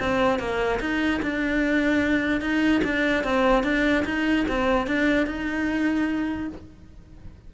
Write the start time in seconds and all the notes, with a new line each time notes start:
0.00 C4
0.39 A#3
0.81 D#4
1.23 D4
2.42 D#4
2.85 D4
3.25 C4
3.64 D4
4.06 D#4
4.49 C4
4.88 D4
5.27 D#4